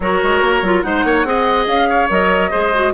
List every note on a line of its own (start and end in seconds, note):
0.00 0.21 F#3
0.00 0.64 F#4
0.00 0.85 A#4
0.00 0.81 C#5
0.23 0.41 G#3
0.41 0.62 A#3
0.62 0.83 F#3
0.62 0.83 F4
0.81 1.03 G#3
0.81 1.25 D#4
0.81 1.05 C5
0.81 1.65 F#5
1.03 1.24 A#3
1.03 1.26 C#5
1.24 1.66 C4
1.24 2.08 G#4
1.24 1.89 D#5
1.66 2.08 C#4
1.66 2.09 F5
1.89 2.50 C#5
2.09 2.52 F#3
2.09 2.51 A#4
2.09 2.93 D#5
2.50 2.93 G#3
2.50 2.72 G#4
2.50 2.92 C5
2.74 2.93 F#4